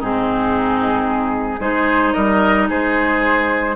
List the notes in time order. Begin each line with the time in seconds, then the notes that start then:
0.00 G#2 C4 D#4 G#4
1.60 G#3 D#4 G#4 C5
2.14 G3 A#4 D#5
2.69 G#3 G#4 C5